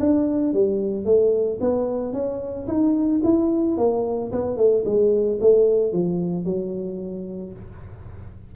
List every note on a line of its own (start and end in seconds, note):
0.00 0.54 D4
0.54 1.05 G3
1.05 1.59 A3
1.61 2.14 B3
2.14 2.68 C#4
2.68 3.22 D#4
3.24 3.78 E4
3.78 4.32 A#3
4.32 4.57 B3
4.57 4.84 A3
4.86 5.40 G#3
5.41 5.93 A3
5.93 6.45 F3
6.45 7.53 F#3